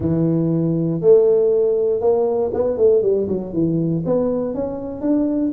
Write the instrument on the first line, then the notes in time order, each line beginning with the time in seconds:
tuba
0.00 E3
1.01 A3
2.00 A#3
2.53 B3
2.77 A3
3.02 G3
3.28 F#3
3.53 E3
4.05 B3
4.54 C#4
5.01 D4